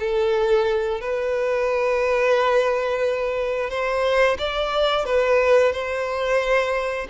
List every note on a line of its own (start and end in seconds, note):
0.00 1.01 A4
1.01 3.70 B4
3.70 4.38 C5
4.39 5.06 D5
5.06 5.72 B4
5.72 7.07 C5